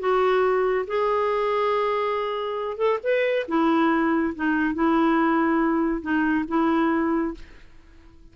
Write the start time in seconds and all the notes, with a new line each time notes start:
0.00 F#4
0.88 G#4
2.78 A4
3.04 B4
3.48 E4
4.36 D#4
4.75 E4
6.02 D#4
6.49 E4